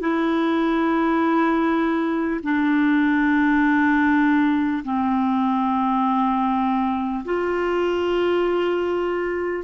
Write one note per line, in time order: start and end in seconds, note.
0.00 2.40 E4
2.43 4.83 D4
4.84 7.24 C4
7.24 9.63 F4